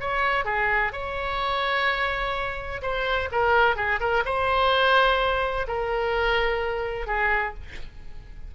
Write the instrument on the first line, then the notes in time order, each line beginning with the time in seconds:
oboe
0.00 C#5
0.45 G#4
0.93 C#5
2.82 C5
3.32 A#4
3.76 G#4
4.00 A#4
4.25 C5
5.68 A#4
7.07 G#4